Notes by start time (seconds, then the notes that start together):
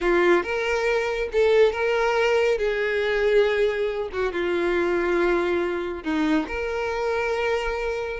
0.01 F4
0.43 A#4
1.32 A4
1.72 A#4
2.58 G#4
4.12 F#4
4.32 F4
6.03 D#4
6.47 A#4